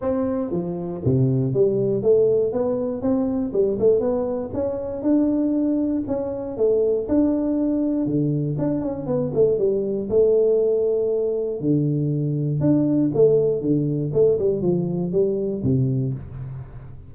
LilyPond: \new Staff \with { instrumentName = "tuba" } { \time 4/4 \tempo 4 = 119 c'4 f4 c4 g4 | a4 b4 c'4 g8 a8 | b4 cis'4 d'2 | cis'4 a4 d'2 |
d4 d'8 cis'8 b8 a8 g4 | a2. d4~ | d4 d'4 a4 d4 | a8 g8 f4 g4 c4 | }